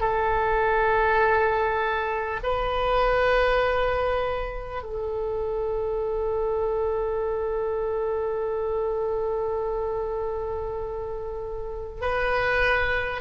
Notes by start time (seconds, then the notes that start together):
0.00 A4
2.43 B4
4.83 A4
12.02 B4